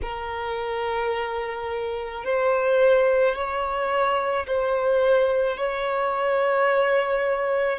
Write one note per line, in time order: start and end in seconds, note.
0.02 2.24 A#4
2.24 3.35 C5
3.35 4.46 C#5
4.46 5.57 C5
5.57 7.79 C#5